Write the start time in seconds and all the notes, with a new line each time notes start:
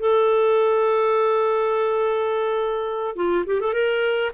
0.00 A4
3.16 F4
3.47 G4
3.61 A4
3.74 A#4